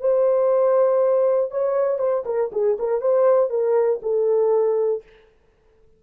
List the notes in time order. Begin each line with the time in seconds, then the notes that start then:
0.00 C5
1.51 C#5
1.98 C5
2.25 A#4
2.52 G#4
2.79 A#4
3.01 C5
3.50 A#4
4.02 A4